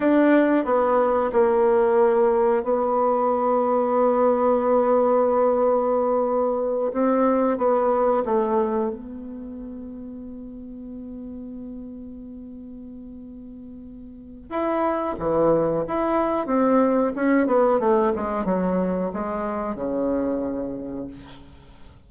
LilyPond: \new Staff \with { instrumentName = "bassoon" } { \time 4/4 \tempo 4 = 91 d'4 b4 ais2 | b1~ | b2~ b8 c'4 b8~ | b8 a4 b2~ b8~ |
b1~ | b2 e'4 e4 | e'4 c'4 cis'8 b8 a8 gis8 | fis4 gis4 cis2 | }